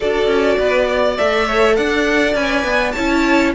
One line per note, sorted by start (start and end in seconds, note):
0.00 0.27 D4
0.00 1.18 F#4
0.00 0.57 A4
0.00 1.17 D5
0.27 0.56 C#4
0.58 1.18 B3
0.58 0.88 B4
0.88 1.46 D5
1.17 1.78 A3
1.17 2.35 A4
1.17 1.75 E5
1.46 1.75 C#5
1.75 2.34 D4
1.75 2.94 D5
1.75 2.34 F#5
2.34 2.64 C#4
2.34 2.94 B4
2.34 2.91 G#5
2.64 2.93 B3
2.91 3.55 E4
2.91 3.53 C#5
2.91 3.50 A5
2.98 3.55 C#4